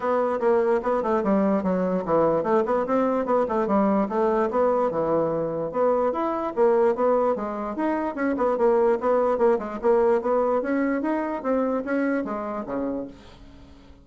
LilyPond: \new Staff \with { instrumentName = "bassoon" } { \time 4/4 \tempo 4 = 147 b4 ais4 b8 a8 g4 | fis4 e4 a8 b8 c'4 | b8 a8 g4 a4 b4 | e2 b4 e'4 |
ais4 b4 gis4 dis'4 | cis'8 b8 ais4 b4 ais8 gis8 | ais4 b4 cis'4 dis'4 | c'4 cis'4 gis4 cis4 | }